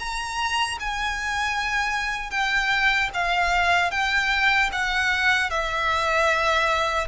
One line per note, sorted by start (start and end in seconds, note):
0.00 0.79 A#5
0.80 2.31 G#5
2.31 3.10 G5
3.14 3.92 F5
3.92 4.70 G5
4.73 5.50 F#5
5.50 7.08 E5